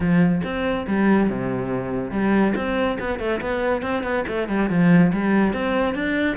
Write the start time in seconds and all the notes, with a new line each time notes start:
0.00 F3
0.44 C4
0.87 G3
1.29 C3
2.11 G3
2.55 C4
2.99 B3
3.19 A3
3.40 B3
3.82 C4
4.03 B3
4.27 A3
4.48 G3
4.69 F3
5.12 G3
5.53 C4
5.94 D4